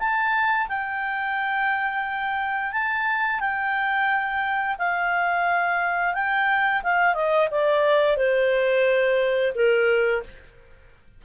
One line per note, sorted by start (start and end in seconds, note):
0.00 0.68 A5
0.69 2.73 G5
2.73 3.41 A5
3.41 4.77 G5
4.79 6.14 F5
6.14 6.82 G5
6.84 7.15 F5
7.15 7.49 D#5
7.52 8.17 D5
8.17 9.54 C5
9.55 10.23 A#4